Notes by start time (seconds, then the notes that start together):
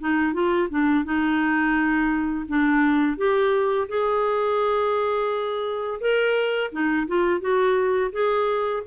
0.00 D#4
0.33 F4
0.69 D4
1.04 D#4
2.48 D4
3.17 G4
3.88 G#4
6.00 A#4
6.71 D#4
7.07 F4
7.40 F#4
8.12 G#4